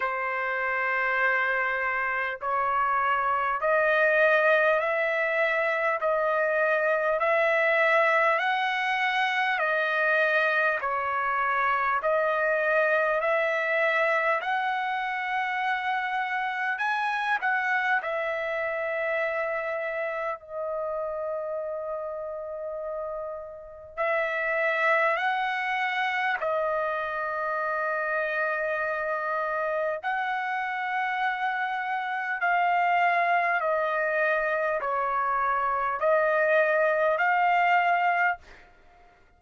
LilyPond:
\new Staff \with { instrumentName = "trumpet" } { \time 4/4 \tempo 4 = 50 c''2 cis''4 dis''4 | e''4 dis''4 e''4 fis''4 | dis''4 cis''4 dis''4 e''4 | fis''2 gis''8 fis''8 e''4~ |
e''4 dis''2. | e''4 fis''4 dis''2~ | dis''4 fis''2 f''4 | dis''4 cis''4 dis''4 f''4 | }